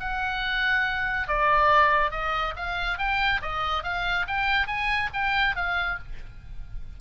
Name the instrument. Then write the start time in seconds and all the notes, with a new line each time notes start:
oboe
0.00 F#5
1.28 D5
2.11 D#5
2.56 F5
2.98 G5
3.42 D#5
3.84 F5
4.28 G5
4.67 G#5
5.14 G5
5.56 F5